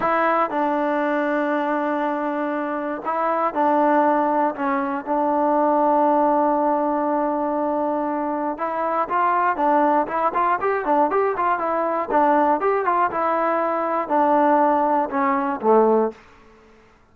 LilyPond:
\new Staff \with { instrumentName = "trombone" } { \time 4/4 \tempo 4 = 119 e'4 d'2.~ | d'2 e'4 d'4~ | d'4 cis'4 d'2~ | d'1~ |
d'4 e'4 f'4 d'4 | e'8 f'8 g'8 d'8 g'8 f'8 e'4 | d'4 g'8 f'8 e'2 | d'2 cis'4 a4 | }